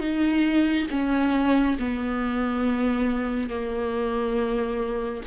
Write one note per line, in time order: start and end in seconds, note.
0.00 0.87 D#4
0.90 1.77 C#4
1.79 3.50 B3
3.50 5.24 A#3